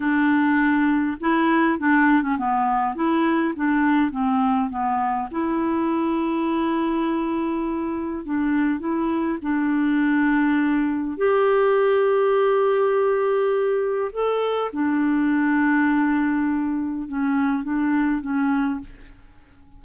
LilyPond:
\new Staff \with { instrumentName = "clarinet" } { \time 4/4 \tempo 4 = 102 d'2 e'4 d'8. cis'16 | b4 e'4 d'4 c'4 | b4 e'2.~ | e'2 d'4 e'4 |
d'2. g'4~ | g'1 | a'4 d'2.~ | d'4 cis'4 d'4 cis'4 | }